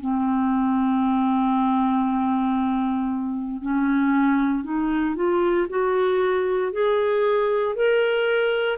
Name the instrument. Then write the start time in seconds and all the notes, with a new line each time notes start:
clarinet
0.00 C4
3.62 C#4
4.64 D#4
5.15 F4
5.69 F#4
6.72 G#4
7.75 A#4